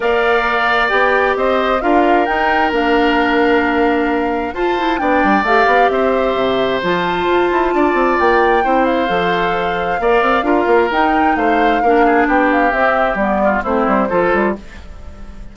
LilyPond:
<<
  \new Staff \with { instrumentName = "flute" } { \time 4/4 \tempo 4 = 132 f''2 g''4 dis''4 | f''4 g''4 f''2~ | f''2 a''4 g''4 | f''4 e''2 a''4~ |
a''2 g''4. f''8~ | f''1 | g''4 f''2 g''8 f''8 | e''4 d''4 c''2 | }
  \new Staff \with { instrumentName = "oboe" } { \time 4/4 d''2. c''4 | ais'1~ | ais'2 c''4 d''4~ | d''4 c''2.~ |
c''4 d''2 c''4~ | c''2 d''4 ais'4~ | ais'4 c''4 ais'8 gis'8 g'4~ | g'4. f'8 e'4 a'4 | }
  \new Staff \with { instrumentName = "clarinet" } { \time 4/4 ais'2 g'2 | f'4 dis'4 d'2~ | d'2 f'8 e'8 d'4 | g'2. f'4~ |
f'2. e'4 | a'2 ais'4 f'4 | dis'2 d'2 | c'4 b4 c'4 f'4 | }
  \new Staff \with { instrumentName = "bassoon" } { \time 4/4 ais2 b4 c'4 | d'4 dis'4 ais2~ | ais2 f'4 b8 g8 | a8 b8 c'4 c4 f4 |
f'8 e'8 d'8 c'8 ais4 c'4 | f2 ais8 c'8 d'8 ais8 | dis'4 a4 ais4 b4 | c'4 g4 a8 g8 f8 g8 | }
>>